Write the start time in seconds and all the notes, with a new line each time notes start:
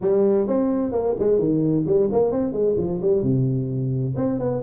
0.01 G3
0.47 C4
0.92 A#3
1.19 G#3
1.38 D#3
1.86 G3
2.11 A#3
2.31 C4
2.52 G#3
2.77 F3
3.01 G3
3.22 C3
4.16 C4
4.39 B3